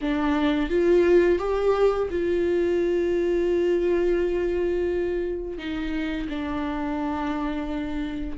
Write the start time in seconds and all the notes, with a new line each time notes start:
0.01 D4
0.69 F4
1.39 G4
2.10 F4
5.58 D#4
6.29 D4